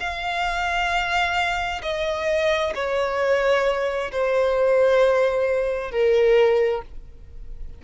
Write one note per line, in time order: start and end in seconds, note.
0.00 1.82 F5
1.83 2.74 D#5
2.75 4.12 C#5
4.12 5.91 C5
5.91 6.82 A#4